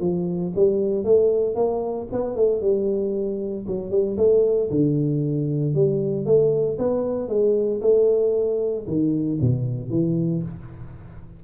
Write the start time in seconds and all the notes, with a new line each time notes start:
0.00 F3
0.55 G3
1.04 A3
1.55 A#3
2.12 B3
2.35 A3
2.61 G3
3.67 F#3
3.90 G3
4.17 A3
4.70 D3
5.74 G3
6.25 A3
6.78 B3
7.28 G#3
7.81 A3
8.87 D#3
9.41 B2
9.90 E3